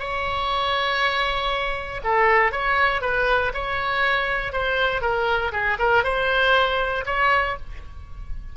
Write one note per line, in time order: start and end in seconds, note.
0.00 2.02 C#5
2.04 2.52 A4
2.52 3.02 C#5
3.02 3.52 B4
3.54 4.53 C#5
4.53 5.02 C5
5.02 5.52 A#4
5.53 5.78 G#4
5.79 6.04 A#4
6.04 7.05 C5
7.06 7.57 C#5